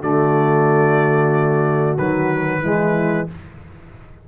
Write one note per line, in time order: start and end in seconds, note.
0.00 1.97 D3
0.00 1.98 A3
0.00 2.61 F#4
0.00 1.97 D5
1.97 2.61 D#3
1.97 2.62 F#3
1.97 3.28 B4
2.61 3.26 E3
2.61 3.28 G#3
2.61 3.28 E4